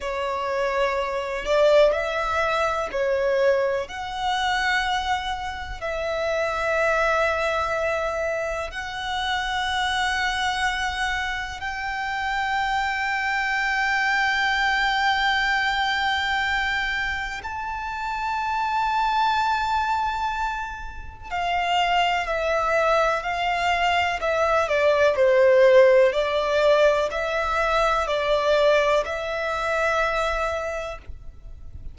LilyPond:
\new Staff \with { instrumentName = "violin" } { \time 4/4 \tempo 4 = 62 cis''4. d''8 e''4 cis''4 | fis''2 e''2~ | e''4 fis''2. | g''1~ |
g''2 a''2~ | a''2 f''4 e''4 | f''4 e''8 d''8 c''4 d''4 | e''4 d''4 e''2 | }